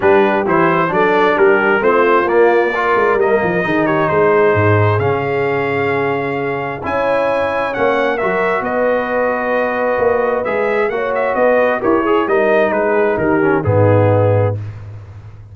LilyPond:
<<
  \new Staff \with { instrumentName = "trumpet" } { \time 4/4 \tempo 4 = 132 b'4 c''4 d''4 ais'4 | c''4 d''2 dis''4~ | dis''8 cis''8 c''2 f''4~ | f''2. gis''4~ |
gis''4 fis''4 e''4 dis''4~ | dis''2. e''4 | fis''8 e''8 dis''4 cis''4 dis''4 | b'4 ais'4 gis'2 | }
  \new Staff \with { instrumentName = "horn" } { \time 4/4 g'2 a'4 g'4 | f'2 ais'2 | gis'8 g'8 gis'2.~ | gis'2. cis''4~ |
cis''2 ais'4 b'4~ | b'1 | cis''4 b'4 ais'8 gis'8 ais'4 | gis'4 g'4 dis'2 | }
  \new Staff \with { instrumentName = "trombone" } { \time 4/4 d'4 e'4 d'2 | c'4 ais4 f'4 ais4 | dis'2. cis'4~ | cis'2. e'4~ |
e'4 cis'4 fis'2~ | fis'2. gis'4 | fis'2 g'8 gis'8 dis'4~ | dis'4. cis'8 b2 | }
  \new Staff \with { instrumentName = "tuba" } { \time 4/4 g4 e4 fis4 g4 | a4 ais4. gis8 g8 f8 | dis4 gis4 gis,4 cis4~ | cis2. cis'4~ |
cis'4 ais4 fis4 b4~ | b2 ais4 gis4 | ais4 b4 e'4 g4 | gis4 dis4 gis,2 | }
>>